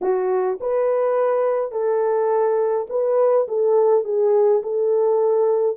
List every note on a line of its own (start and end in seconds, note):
0.01 0.58 F#4
0.60 1.72 B4
1.72 2.87 A4
2.89 3.47 B4
3.47 4.04 A4
4.04 4.62 G#4
4.62 5.77 A4